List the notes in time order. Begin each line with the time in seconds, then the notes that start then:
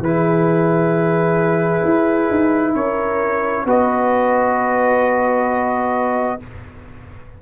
0.00 E3 E4 G#4 B4
1.85 E4
2.31 D#4
2.75 C#4 A#4 C#5
3.66 B3 F#4 B4 D#5